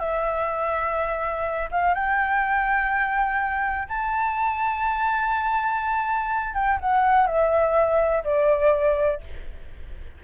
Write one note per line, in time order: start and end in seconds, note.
0.00 1.69 E5
1.71 1.95 F5
1.95 3.88 G5
3.89 6.54 A5
6.54 6.79 G5
6.81 7.27 F#5
7.27 8.24 E5
8.24 9.21 D5